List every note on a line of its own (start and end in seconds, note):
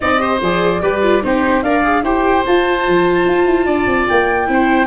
0.00 0.41 C4
0.00 0.18 D#4
0.00 0.20 D5
0.00 0.40 D#5
0.18 0.38 G4
0.18 0.81 C5
0.41 0.81 F3
0.41 0.81 G#4
0.41 1.24 D5
0.81 1.23 G3
0.81 1.02 G4
0.81 1.23 B4
1.02 1.22 F4
1.22 1.62 C4
1.22 1.63 D#4
1.22 1.64 G4
1.22 1.62 C5
1.62 2.03 D4
1.62 1.83 A#4
1.62 2.03 D5
1.62 2.03 F5
1.83 2.04 G#4
2.03 2.44 E4
2.03 2.45 G4
2.03 3.66 C5
2.03 2.44 G5
2.45 4.46 F4
2.45 2.87 F4
2.45 4.07 A5
2.87 3.26 F3
3.26 3.46 F4
3.46 3.65 E4
3.65 3.86 D4
3.65 4.47 D5
3.86 4.06 C4
4.07 4.48 A#3
4.07 4.86 G5
4.46 4.86 C4
4.46 4.86 E4
4.52 4.86 C5